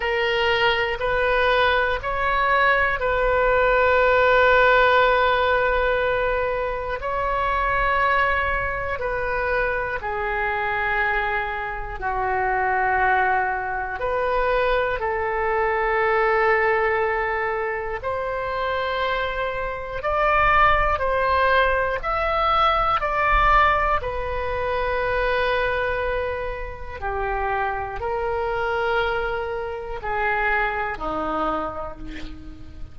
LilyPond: \new Staff \with { instrumentName = "oboe" } { \time 4/4 \tempo 4 = 60 ais'4 b'4 cis''4 b'4~ | b'2. cis''4~ | cis''4 b'4 gis'2 | fis'2 b'4 a'4~ |
a'2 c''2 | d''4 c''4 e''4 d''4 | b'2. g'4 | ais'2 gis'4 dis'4 | }